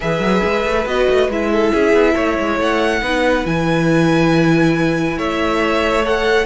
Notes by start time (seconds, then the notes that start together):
0.00 E3 G#4 B4 E5
0.19 F#3
0.44 G#3
0.65 A3
0.85 B3 F#4 D#5
1.09 A3
1.29 G#3 E4 E5
1.51 A4
1.73 C#4 G#4
1.92 B3
2.14 A3 C#5
2.38 G#3
2.58 A3 F#5
3.01 B3 D#4 B4
3.45 E3 E4 G#5
5.17 A3 C#5 E5
6.02 A4 F#5